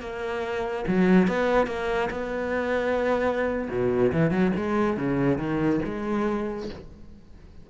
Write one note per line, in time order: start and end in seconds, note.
0.00 0.85 A#3
0.87 1.27 F#3
1.27 1.66 B3
1.66 2.09 A#3
2.10 3.68 B3
3.69 4.12 B2
4.12 4.30 E3
4.30 4.51 F#3
4.56 4.97 G#3
4.97 5.38 C#3
5.38 5.80 D#3
5.85 6.69 G#3